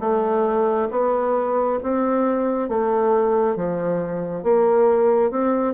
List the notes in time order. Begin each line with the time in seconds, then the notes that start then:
0.00 A3
0.91 B3
1.82 C4
2.69 A3
3.56 F3
4.43 A#3
5.31 C4